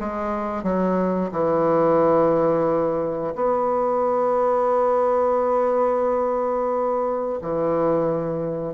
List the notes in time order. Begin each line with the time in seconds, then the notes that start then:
0.00 G#3
0.63 F#3
1.32 E3
3.35 B3
7.42 E3